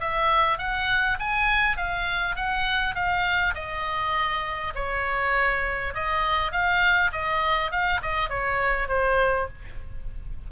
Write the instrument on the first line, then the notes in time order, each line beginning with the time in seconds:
oboe
0.00 E5
0.58 F#5
1.19 G#5
1.77 F5
2.36 F#5
2.95 F5
3.54 D#5
4.75 C#5
5.94 D#5
6.52 F5
7.12 D#5
7.71 F5
8.02 D#5
8.29 C#5
8.88 C5